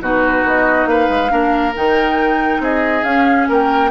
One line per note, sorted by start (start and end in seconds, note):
0.00 0.43 B2
0.00 1.28 D#4
0.00 0.89 F#4
0.00 0.45 B4
0.44 0.85 B3
0.44 0.87 D#5
0.85 1.07 A#3
0.85 1.31 B4
0.85 1.74 F5
1.09 1.31 G#3
1.28 1.75 A#3
1.28 1.72 D4
1.28 2.61 A#4
1.75 2.59 D#3
1.75 3.04 D#4
1.75 2.63 G5
2.59 3.02 C4
2.59 3.48 G#4
2.59 3.04 D#5
3.03 3.47 C#4
3.03 3.90 C#4
3.03 3.47 F5
3.48 3.90 A#3
3.48 3.90 A#4
3.48 3.90 G5